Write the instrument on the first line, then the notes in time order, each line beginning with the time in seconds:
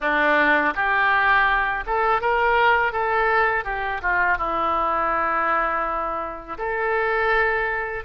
oboe
0.00 D4
0.75 G4
1.86 A4
2.21 A#4
2.92 A4
3.64 G4
4.02 F4
4.37 E4
6.58 A4